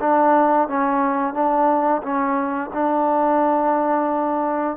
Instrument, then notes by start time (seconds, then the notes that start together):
trombone
0.00 D4
0.68 C#4
1.34 D4
2.02 C#4
2.73 D4